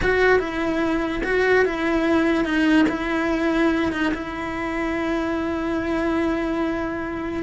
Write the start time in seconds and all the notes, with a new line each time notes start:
0.02 F#4
0.39 E4
1.23 F#4
1.65 E4
2.44 D#4
2.88 E4
3.92 D#4
4.14 E4